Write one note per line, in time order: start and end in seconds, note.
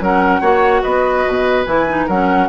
0.00 0.41 F#3
0.00 0.42 C#4
0.00 0.40 A#4
0.00 0.82 F#5
0.40 0.82 A#3
0.40 1.65 F#4
0.40 0.81 C#5
0.82 1.26 B3
0.82 2.06 B4
0.82 1.64 D#5
1.27 1.66 B2
1.65 2.07 E3
1.65 1.86 E4
1.65 2.07 G#5
1.88 2.09 D#4
2.06 2.49 F#3
2.06 2.49 C#4
2.06 2.47 A#4
2.06 2.49 F#5